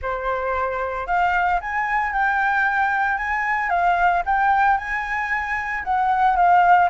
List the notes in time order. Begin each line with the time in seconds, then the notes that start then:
0.01 C5
1.06 F5
1.60 G#5
2.12 G5
3.17 G#5
3.69 F5
4.25 G5
4.77 G#5
5.84 F#5
6.36 F5